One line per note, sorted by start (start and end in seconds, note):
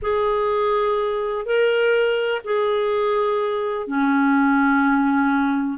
0.02 1.45 G#4
1.45 2.41 A#4
2.44 3.87 G#4
3.87 5.78 C#4